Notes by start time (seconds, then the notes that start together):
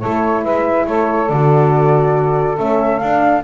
0.00 A3 E4 A4 C#5
0.43 G#3 B4 E5
0.86 A3 A4 C#5
1.28 D3 F#4 D5
2.57 A3 C#4 E5
2.98 D4 F5